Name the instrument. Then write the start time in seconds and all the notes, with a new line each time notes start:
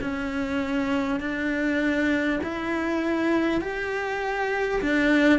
cello
0.00 C#4
1.20 D4
2.43 E4
3.61 G4
4.81 D4